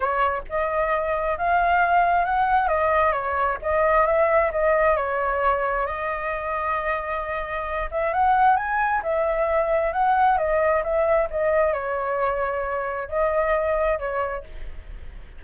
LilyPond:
\new Staff \with { instrumentName = "flute" } { \time 4/4 \tempo 4 = 133 cis''4 dis''2 f''4~ | f''4 fis''4 dis''4 cis''4 | dis''4 e''4 dis''4 cis''4~ | cis''4 dis''2.~ |
dis''4. e''8 fis''4 gis''4 | e''2 fis''4 dis''4 | e''4 dis''4 cis''2~ | cis''4 dis''2 cis''4 | }